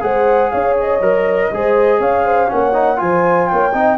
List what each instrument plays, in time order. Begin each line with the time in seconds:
0.00 tuba G#3, trombone G#4, horn C5, flute F#5
0.50 tuba C#4, horn C#5, flute F5
0.79 flute D#5
1.00 tuba F#3, trombone A#4
1.51 tuba G#3, trombone G#4, horn C5
1.99 tuba C#4, horn C#5, flute F5
2.24 horn C5
2.47 tuba A#3, trombone C#4, horn C#5, flute F#5
2.73 trombone D#4
2.96 tuba F3, trombone F4, horn C5, flute G#5
3.48 tuba A#3, horn C#5, flute G5
3.73 tuba C4, trombone D#4, horn D#5